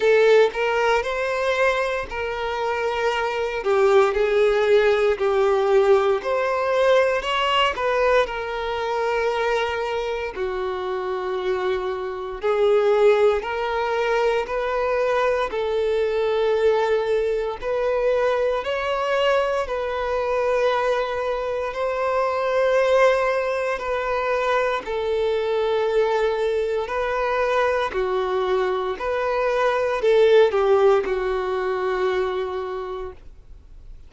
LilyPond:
\new Staff \with { instrumentName = "violin" } { \time 4/4 \tempo 4 = 58 a'8 ais'8 c''4 ais'4. g'8 | gis'4 g'4 c''4 cis''8 b'8 | ais'2 fis'2 | gis'4 ais'4 b'4 a'4~ |
a'4 b'4 cis''4 b'4~ | b'4 c''2 b'4 | a'2 b'4 fis'4 | b'4 a'8 g'8 fis'2 | }